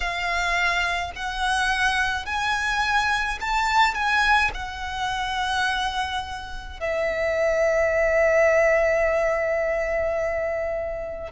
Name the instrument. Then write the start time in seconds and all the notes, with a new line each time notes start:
violin
0.00 F5
1.15 F#5
2.25 G#5
3.40 A5
3.94 G#5
4.54 F#5
6.79 E5